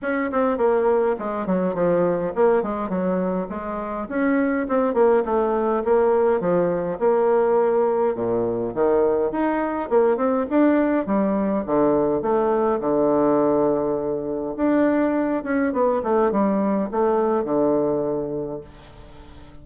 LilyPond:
\new Staff \with { instrumentName = "bassoon" } { \time 4/4 \tempo 4 = 103 cis'8 c'8 ais4 gis8 fis8 f4 | ais8 gis8 fis4 gis4 cis'4 | c'8 ais8 a4 ais4 f4 | ais2 ais,4 dis4 |
dis'4 ais8 c'8 d'4 g4 | d4 a4 d2~ | d4 d'4. cis'8 b8 a8 | g4 a4 d2 | }